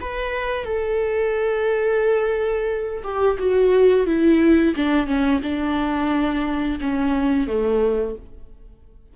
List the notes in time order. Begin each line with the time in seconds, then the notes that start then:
0.00 B4
0.64 A4
3.03 G4
3.38 F#4
4.06 E4
4.75 D4
5.06 C#4
5.42 D4
6.80 C#4
7.47 A3